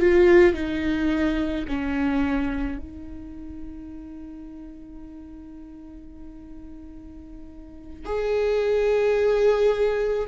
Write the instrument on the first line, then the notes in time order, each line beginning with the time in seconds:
viola
0.00 F4
0.54 D#4
1.68 C#4
2.78 D#4
8.06 G#4